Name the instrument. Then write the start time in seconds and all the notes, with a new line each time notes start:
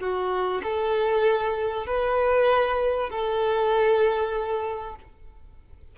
violin
0.00 F#4
0.64 A4
1.87 B4
3.11 A4